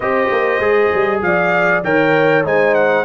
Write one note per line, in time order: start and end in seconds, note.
0.00 0.28 C4
0.00 0.61 G4
0.00 1.21 C5
0.00 1.21 D#5
0.31 0.59 A#3
0.59 0.90 G#3
0.59 1.83 G#4
0.93 1.22 G3
1.22 1.83 F3
1.22 1.85 D5
1.22 1.83 F5
1.83 2.44 D#3
1.83 2.44 A#4
1.83 2.45 C#5
1.83 2.45 G5
2.44 3.04 G#3
2.44 3.04 D#4
2.44 3.04 C5
2.44 2.74 G#5
2.74 3.04 F#5